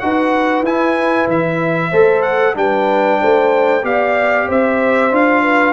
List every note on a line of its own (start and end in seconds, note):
0.00 0.62 D#4
0.00 0.65 F#4
0.00 1.90 B4
0.00 0.64 F#5
0.62 1.25 E4
0.62 1.93 E4
0.62 1.29 G#5
1.28 1.91 E3
1.28 2.22 E5
1.90 2.56 A3
1.90 2.54 A4
1.90 2.54 C5
2.22 2.54 F#5
2.54 3.19 G3
2.54 3.82 D4
2.54 3.21 B4
2.54 3.85 G5
3.21 3.84 A3
3.21 3.84 C5
3.83 4.47 B3
3.83 5.11 G4
3.83 4.47 D5
3.83 4.49 F5
4.47 5.11 C4
4.47 5.42 C5
4.47 5.15 E5
5.11 5.73 D4
5.11 5.73 F4
5.11 5.73 F5
5.42 5.73 B4